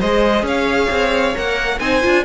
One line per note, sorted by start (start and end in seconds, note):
0.00 0.42 G#3
0.00 1.35 G#4
0.00 0.45 C5
0.00 0.45 D#5
0.42 0.87 C#4
0.42 1.79 C#5
0.42 1.37 F5
0.90 1.35 C4
1.35 1.80 A#3
1.35 1.80 A#4
1.35 1.79 F#5
1.79 2.03 C4
1.79 2.02 D#4
1.79 2.24 C5
1.79 2.24 G#5
2.02 2.25 D4
2.02 2.25 F4